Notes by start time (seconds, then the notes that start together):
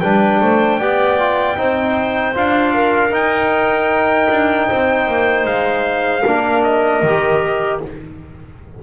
0.00 G3 D4 B4 G5
0.40 A3 C5
0.78 B3 G4 D5
1.19 F4
1.56 C4 D#4 C5
2.34 D4 F4 F5
2.73 A#4
3.10 D#4 G5
4.30 D4
4.67 C4 C5
5.07 A#3
5.45 G#3 F5
6.25 A#3 D4 A#4
6.62 D#5
7.02 D#3 G4